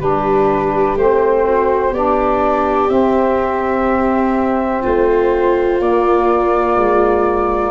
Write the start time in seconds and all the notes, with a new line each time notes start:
0.00 G3 D4 G4 B4
0.95 A3 C4 C5
1.44 F#4
1.91 B3 D4 G4 D5
2.88 C4 E5
4.82 A3 F4 C5
5.80 A#3 D5
6.76 G#3